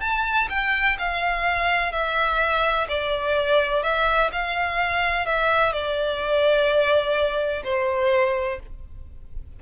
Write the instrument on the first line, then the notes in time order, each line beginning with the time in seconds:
violin
0.00 A5
0.49 G5
0.99 F5
1.92 E5
2.88 D5
3.83 E5
4.32 F5
5.26 E5
5.72 D5
7.64 C5